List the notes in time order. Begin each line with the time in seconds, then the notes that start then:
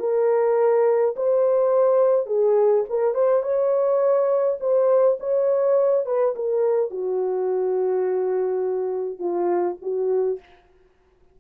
0.00 A#4
1.16 C5
2.27 G#4
2.90 A#4
3.15 C5
3.43 C#5
4.61 C5
5.20 C#5
6.06 B4
6.36 A#4
6.91 F#4
9.19 F4
9.82 F#4